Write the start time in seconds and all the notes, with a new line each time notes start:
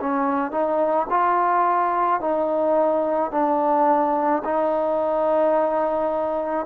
0.00 C#4
0.52 D#4
1.10 F4
2.21 D#4
3.31 D4
4.44 D#4